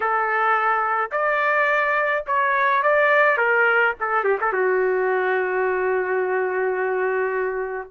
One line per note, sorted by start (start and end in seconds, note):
0.00 1.10 A4
1.11 2.25 D5
2.26 2.83 C#5
2.83 3.37 D5
3.37 3.94 A#4
4.00 4.24 A4
4.24 4.38 G4
4.40 4.52 A4
4.52 7.91 F#4